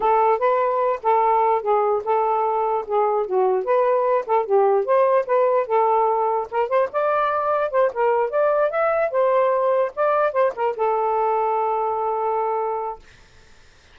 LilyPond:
\new Staff \with { instrumentName = "saxophone" } { \time 4/4 \tempo 4 = 148 a'4 b'4. a'4. | gis'4 a'2 gis'4 | fis'4 b'4. a'8 g'4 | c''4 b'4 a'2 |
ais'8 c''8 d''2 c''8 ais'8~ | ais'8 d''4 e''4 c''4.~ | c''8 d''4 c''8 ais'8 a'4.~ | a'1 | }